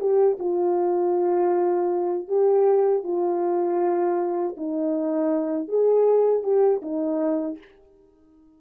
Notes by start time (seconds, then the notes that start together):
0.00 G4
0.40 F4
2.29 G4
3.04 F4
4.57 D#4
5.69 G#4
6.43 G4
6.82 D#4